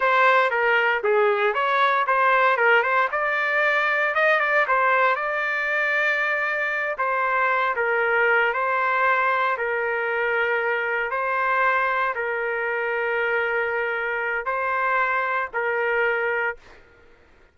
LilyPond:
\new Staff \with { instrumentName = "trumpet" } { \time 4/4 \tempo 4 = 116 c''4 ais'4 gis'4 cis''4 | c''4 ais'8 c''8 d''2 | dis''8 d''8 c''4 d''2~ | d''4. c''4. ais'4~ |
ais'8 c''2 ais'4.~ | ais'4. c''2 ais'8~ | ais'1 | c''2 ais'2 | }